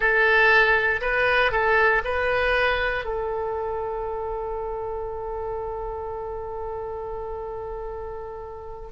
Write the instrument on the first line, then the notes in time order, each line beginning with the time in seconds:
oboe
0.00 A4
1.01 B4
1.51 A4
2.04 B4
3.05 A4